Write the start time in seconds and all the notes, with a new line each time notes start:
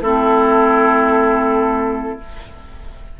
0.00 A3 C4 E4 A4